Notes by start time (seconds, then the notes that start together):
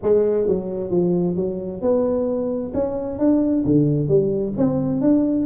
0.02 G#3
0.47 F#3
0.90 F3
1.36 F#3
1.81 B3
2.74 C#4
3.18 D4
3.65 D3
4.08 G3
4.57 C4
5.01 D4